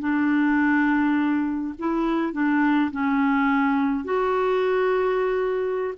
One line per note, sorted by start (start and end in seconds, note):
0.00 1.75 D4
1.79 2.33 E4
2.33 2.91 D4
2.92 4.05 C#4
4.05 5.94 F#4